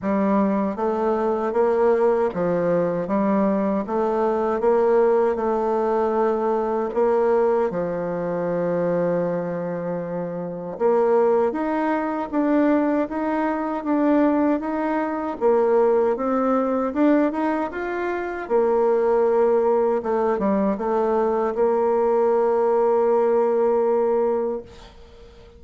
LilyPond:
\new Staff \with { instrumentName = "bassoon" } { \time 4/4 \tempo 4 = 78 g4 a4 ais4 f4 | g4 a4 ais4 a4~ | a4 ais4 f2~ | f2 ais4 dis'4 |
d'4 dis'4 d'4 dis'4 | ais4 c'4 d'8 dis'8 f'4 | ais2 a8 g8 a4 | ais1 | }